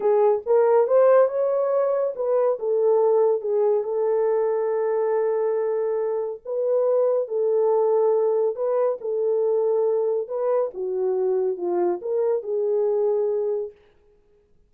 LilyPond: \new Staff \with { instrumentName = "horn" } { \time 4/4 \tempo 4 = 140 gis'4 ais'4 c''4 cis''4~ | cis''4 b'4 a'2 | gis'4 a'2.~ | a'2. b'4~ |
b'4 a'2. | b'4 a'2. | b'4 fis'2 f'4 | ais'4 gis'2. | }